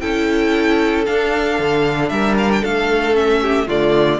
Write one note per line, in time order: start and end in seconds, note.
0.00 1.07 C#4
0.00 1.05 E4
0.00 2.10 A4
0.00 1.04 G5
1.06 3.14 D4
1.06 1.59 D4
1.06 2.09 F5
1.59 2.10 D3
2.09 2.62 G3
2.09 2.62 A#4
2.09 2.35 E5
2.38 2.51 F5
2.52 2.64 G5
2.62 3.68 A3
2.62 3.40 A4
2.62 3.15 F5
3.14 3.66 C#4
3.14 3.67 E5
3.42 3.67 G4
3.67 4.20 D3
3.67 4.20 A3
3.67 4.19 F4
3.67 4.20 D5